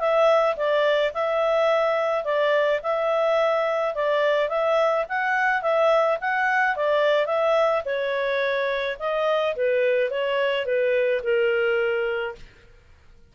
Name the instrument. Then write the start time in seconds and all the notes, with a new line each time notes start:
clarinet
0.00 E5
0.57 D5
1.14 E5
2.24 D5
2.83 E5
3.95 D5
4.49 E5
5.09 F#5
5.62 E5
6.21 F#5
6.76 D5
7.26 E5
7.85 C#5
8.99 D#5
9.56 B4
10.10 C#5
10.66 B4
11.23 A#4